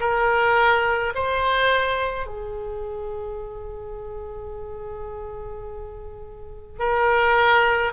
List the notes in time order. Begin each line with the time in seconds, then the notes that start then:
0.00 A#4
1.15 C5
2.26 G#4
6.79 A#4